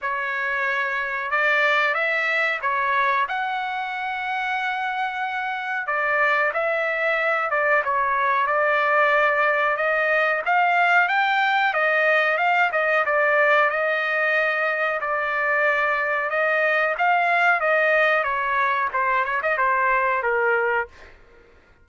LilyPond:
\new Staff \with { instrumentName = "trumpet" } { \time 4/4 \tempo 4 = 92 cis''2 d''4 e''4 | cis''4 fis''2.~ | fis''4 d''4 e''4. d''8 | cis''4 d''2 dis''4 |
f''4 g''4 dis''4 f''8 dis''8 | d''4 dis''2 d''4~ | d''4 dis''4 f''4 dis''4 | cis''4 c''8 cis''16 dis''16 c''4 ais'4 | }